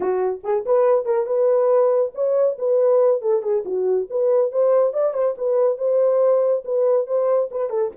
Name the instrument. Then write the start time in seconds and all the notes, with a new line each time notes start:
horn
0.00 F#4
0.43 G#4
0.65 B4
1.05 A#4
1.26 B4
2.14 C#5
2.58 B4
3.21 A4
3.42 G#4
3.65 F#4
4.09 B4
4.51 C5
4.93 D5
5.13 C5
5.37 B4
5.77 C5
6.64 B4
7.06 C5
7.51 B4
7.69 A4